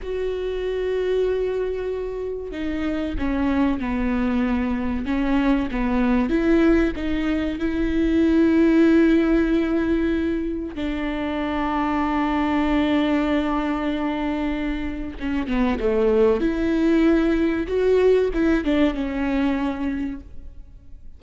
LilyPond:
\new Staff \with { instrumentName = "viola" } { \time 4/4 \tempo 4 = 95 fis'1 | dis'4 cis'4 b2 | cis'4 b4 e'4 dis'4 | e'1~ |
e'4 d'2.~ | d'1 | cis'8 b8 a4 e'2 | fis'4 e'8 d'8 cis'2 | }